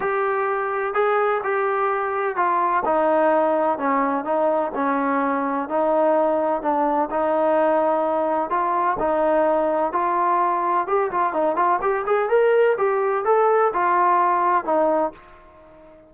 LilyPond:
\new Staff \with { instrumentName = "trombone" } { \time 4/4 \tempo 4 = 127 g'2 gis'4 g'4~ | g'4 f'4 dis'2 | cis'4 dis'4 cis'2 | dis'2 d'4 dis'4~ |
dis'2 f'4 dis'4~ | dis'4 f'2 g'8 f'8 | dis'8 f'8 g'8 gis'8 ais'4 g'4 | a'4 f'2 dis'4 | }